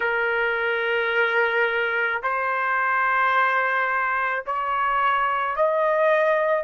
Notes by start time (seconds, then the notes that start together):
0.00 A#4
2.22 C5
4.45 C#5
5.56 D#5